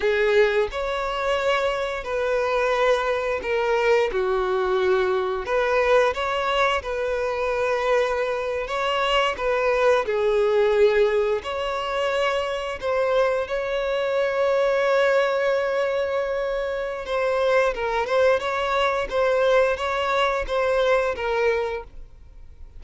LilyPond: \new Staff \with { instrumentName = "violin" } { \time 4/4 \tempo 4 = 88 gis'4 cis''2 b'4~ | b'4 ais'4 fis'2 | b'4 cis''4 b'2~ | b'8. cis''4 b'4 gis'4~ gis'16~ |
gis'8. cis''2 c''4 cis''16~ | cis''1~ | cis''4 c''4 ais'8 c''8 cis''4 | c''4 cis''4 c''4 ais'4 | }